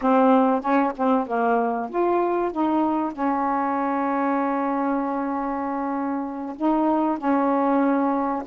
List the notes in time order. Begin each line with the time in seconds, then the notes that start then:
0.01 C4
0.61 C#4
0.96 C4
1.27 A#3
1.89 F4
2.51 D#4
3.12 C#4
6.56 D#4
7.17 C#4